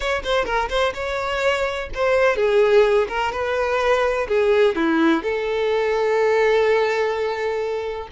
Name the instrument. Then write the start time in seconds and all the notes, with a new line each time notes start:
violin
0.00 C#5
0.23 C5
0.45 A#4
0.69 C5
0.94 C#5
1.94 C5
2.36 G#4
3.08 A#4
3.32 B4
4.27 G#4
4.75 E4
5.22 A4